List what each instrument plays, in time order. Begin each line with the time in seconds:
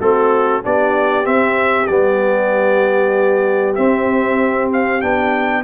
0.00 tuba A3, trombone C4, horn F#4, trumpet A4
0.63 tuba B3, trombone D4, horn G4, trumpet D5
1.24 trombone C4, tuba C4, trumpet E5
1.87 tuba G3, trombone B3, trumpet D5
3.75 trombone C4, tuba C4, trumpet E5
4.73 trumpet F5
5.01 tuba B3, trombone D4, trumpet G5